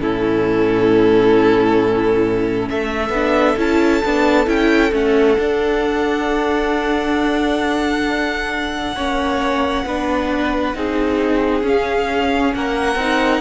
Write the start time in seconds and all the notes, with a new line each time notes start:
0.00 A2 C#4 E4 A4
2.70 A3 A4 E5
3.10 B3 D4
3.58 C#4 E4 A5
4.05 B3 D4
4.47 C#4 E4 G5
4.93 A3 C#4 F#5
5.38 D4
8.96 A#3 C#4 C#5
9.85 B3 D4 B4
10.75 C4 D#4 G#4
11.63 C#4 F5
12.55 A#3 A#4 F#5
12.96 C4 D#4